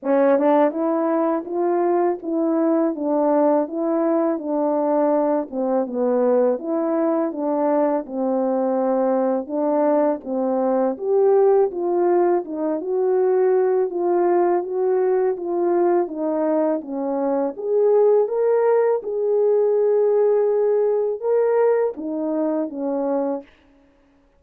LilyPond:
\new Staff \with { instrumentName = "horn" } { \time 4/4 \tempo 4 = 82 cis'8 d'8 e'4 f'4 e'4 | d'4 e'4 d'4. c'8 | b4 e'4 d'4 c'4~ | c'4 d'4 c'4 g'4 |
f'4 dis'8 fis'4. f'4 | fis'4 f'4 dis'4 cis'4 | gis'4 ais'4 gis'2~ | gis'4 ais'4 dis'4 cis'4 | }